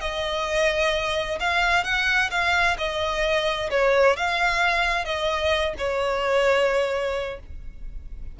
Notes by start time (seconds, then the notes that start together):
0.00 D#5
1.40 F5
1.84 F#5
2.31 F5
2.78 D#5
3.70 C#5
4.16 F5
5.04 D#5
5.78 C#5